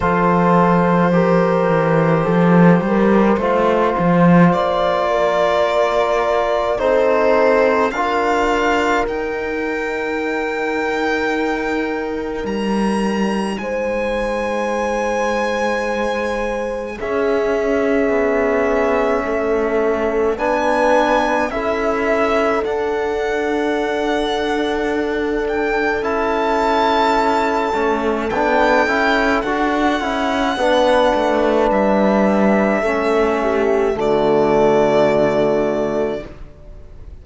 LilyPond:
<<
  \new Staff \with { instrumentName = "violin" } { \time 4/4 \tempo 4 = 53 c''1 | d''2 c''4 f''4 | g''2. ais''4 | gis''2. e''4~ |
e''2 gis''4 e''4 | fis''2~ fis''8 g''8 a''4~ | a''4 g''4 fis''2 | e''2 d''2 | }
  \new Staff \with { instrumentName = "horn" } { \time 4/4 a'4 ais'4 a'8 ais'8 c''4~ | c''8 ais'4. a'4 ais'4~ | ais'1 | c''2. gis'4~ |
gis'4 a'4 b'4 a'4~ | a'1~ | a'2. b'4~ | b'4 a'8 g'8 fis'2 | }
  \new Staff \with { instrumentName = "trombone" } { \time 4/4 f'4 g'2 f'4~ | f'2 dis'4 f'4 | dis'1~ | dis'2. cis'4~ |
cis'2 d'4 e'4 | d'2. e'4~ | e'8 cis'8 d'8 e'8 fis'8 e'8 d'4~ | d'4 cis'4 a2 | }
  \new Staff \with { instrumentName = "cello" } { \time 4/4 f4. e8 f8 g8 a8 f8 | ais2 c'4 d'4 | dis'2. g4 | gis2. cis'4 |
b4 a4 b4 cis'4 | d'2. cis'4~ | cis'8 a8 b8 cis'8 d'8 cis'8 b8 a8 | g4 a4 d2 | }
>>